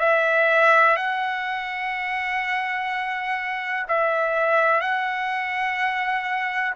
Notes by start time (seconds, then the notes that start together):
0.00 E5
0.97 F#5
3.89 E5
4.81 F#5